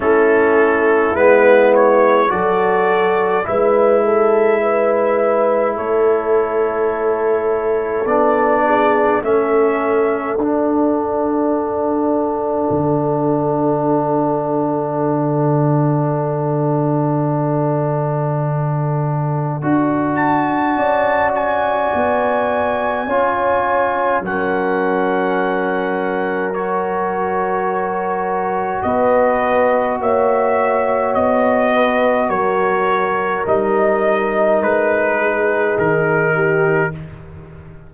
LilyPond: <<
  \new Staff \with { instrumentName = "trumpet" } { \time 4/4 \tempo 4 = 52 a'4 b'8 cis''8 d''4 e''4~ | e''4 cis''2 d''4 | e''4 fis''2.~ | fis''1~ |
fis''4. a''4 gis''4.~ | gis''4 fis''2 cis''4~ | cis''4 dis''4 e''4 dis''4 | cis''4 dis''4 b'4 ais'4 | }
  \new Staff \with { instrumentName = "horn" } { \time 4/4 e'2 a'4 b'8 a'8 | b'4 a'2~ a'8 gis'8 | a'1~ | a'1~ |
a'2 d''2 | cis''4 ais'2.~ | ais'4 b'4 cis''4. b'8 | ais'2~ ais'8 gis'4 g'8 | }
  \new Staff \with { instrumentName = "trombone" } { \time 4/4 cis'4 b4 fis'4 e'4~ | e'2. d'4 | cis'4 d'2.~ | d'1~ |
d'4 fis'2. | f'4 cis'2 fis'4~ | fis'1~ | fis'4 dis'2. | }
  \new Staff \with { instrumentName = "tuba" } { \time 4/4 a4 gis4 fis4 gis4~ | gis4 a2 b4 | a4 d'2 d4~ | d1~ |
d4 d'4 cis'4 b4 | cis'4 fis2.~ | fis4 b4 ais4 b4 | fis4 g4 gis4 dis4 | }
>>